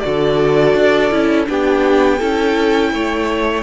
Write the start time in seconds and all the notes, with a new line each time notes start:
0.00 D3 F#4 A4 D5
0.75 D4
1.11 C#4 E4
1.46 B3 D4 G4 G5
2.18 C#4 E4 A4
2.94 A3 C#5